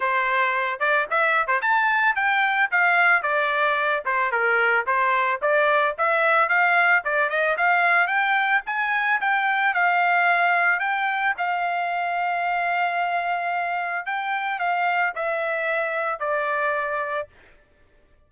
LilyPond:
\new Staff \with { instrumentName = "trumpet" } { \time 4/4 \tempo 4 = 111 c''4. d''8 e''8. c''16 a''4 | g''4 f''4 d''4. c''8 | ais'4 c''4 d''4 e''4 | f''4 d''8 dis''8 f''4 g''4 |
gis''4 g''4 f''2 | g''4 f''2.~ | f''2 g''4 f''4 | e''2 d''2 | }